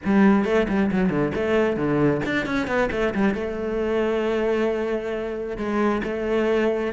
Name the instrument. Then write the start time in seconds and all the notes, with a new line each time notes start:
cello
0.04 G3
0.44 A3
0.68 G3
0.91 F#3
1.09 D3
1.35 A3
1.76 D3
2.25 D4
2.46 C#4
2.67 B3
2.91 A3
3.14 G3
3.34 A3
5.57 G#3
6.03 A3